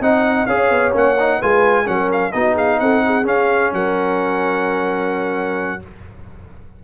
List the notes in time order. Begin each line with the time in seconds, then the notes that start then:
0.00 C4 D#4 D#5 F#5
0.46 C#4 G#4 C#5 F5
0.70 B3
0.92 A#3 C#4 F#5
1.19 D#4
1.39 G#3 F4 B4 G#5
1.85 F#3 C#4 A#4 F#5
2.12 F5
2.32 B3 D#4 F#4 D#5
2.54 G#4 F5
2.79 C4 A4 F#5
3.05 G#4
3.23 C#4 F5
3.73 F#3 A#4 F#5